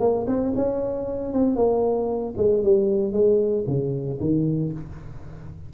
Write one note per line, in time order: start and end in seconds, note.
0.00 0.26 A#3
0.27 0.53 C4
0.55 1.33 C#4
1.33 1.56 C4
1.56 2.34 A#3
2.37 2.63 G#3
2.63 3.13 G3
3.13 3.65 G#3
3.67 4.19 C#3
4.20 4.72 D#3